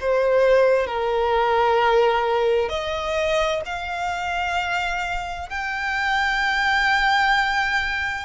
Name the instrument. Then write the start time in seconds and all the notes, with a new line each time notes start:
violin
0.00 C5
0.86 A#4
2.69 D#5
3.65 F5
5.49 G5